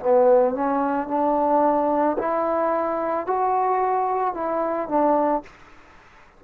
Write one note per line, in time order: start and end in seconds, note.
0.00 0.55 B3
0.55 1.08 C#4
1.08 2.17 D4
2.18 3.27 E4
3.27 4.34 F#4
4.34 4.89 E4
4.89 5.43 D4